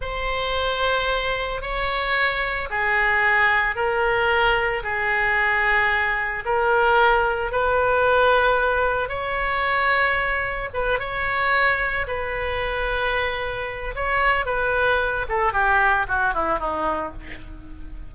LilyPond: \new Staff \with { instrumentName = "oboe" } { \time 4/4 \tempo 4 = 112 c''2. cis''4~ | cis''4 gis'2 ais'4~ | ais'4 gis'2. | ais'2 b'2~ |
b'4 cis''2. | b'8 cis''2 b'4.~ | b'2 cis''4 b'4~ | b'8 a'8 g'4 fis'8 e'8 dis'4 | }